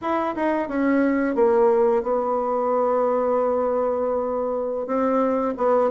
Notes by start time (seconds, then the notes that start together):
0.01 E4
0.36 D#4
0.68 C#4
1.35 A#3
2.02 B3
4.86 C4
5.56 B3